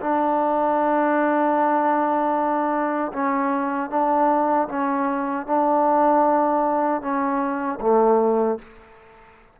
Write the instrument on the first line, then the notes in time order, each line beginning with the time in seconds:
trombone
0.00 D4
3.12 C#4
3.90 D4
4.68 C#4
5.46 D4
7.01 C#4
7.80 A3